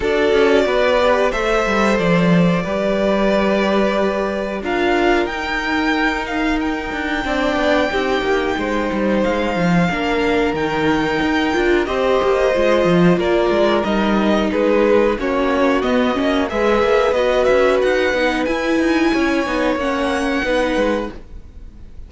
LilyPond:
<<
  \new Staff \with { instrumentName = "violin" } { \time 4/4 \tempo 4 = 91 d''2 e''4 d''4~ | d''2. f''4 | g''4. f''8 g''2~ | g''2 f''2 |
g''2 dis''2 | d''4 dis''4 b'4 cis''4 | dis''4 e''4 dis''8 e''8 fis''4 | gis''2 fis''2 | }
  \new Staff \with { instrumentName = "violin" } { \time 4/4 a'4 b'4 c''2 | b'2. ais'4~ | ais'2. d''4 | g'4 c''2 ais'4~ |
ais'2 c''2 | ais'2 gis'4 fis'4~ | fis'4 b'2.~ | b'4 cis''2 b'4 | }
  \new Staff \with { instrumentName = "viola" } { \time 4/4 fis'4. g'8 a'2 | g'2. f'4 | dis'2. d'4 | dis'2. d'4 |
dis'4. f'8 g'4 f'4~ | f'4 dis'2 cis'4 | b8 cis'8 gis'4 fis'4. dis'8 | e'4. dis'8 cis'4 dis'4 | }
  \new Staff \with { instrumentName = "cello" } { \time 4/4 d'8 cis'8 b4 a8 g8 f4 | g2. d'4 | dis'2~ dis'8 d'8 c'8 b8 | c'8 ais8 gis8 g8 gis8 f8 ais4 |
dis4 dis'8 d'8 c'8 ais8 gis8 f8 | ais8 gis8 g4 gis4 ais4 | b8 ais8 gis8 ais8 b8 cis'8 dis'8 b8 | e'8 dis'8 cis'8 b8 ais4 b8 gis8 | }
>>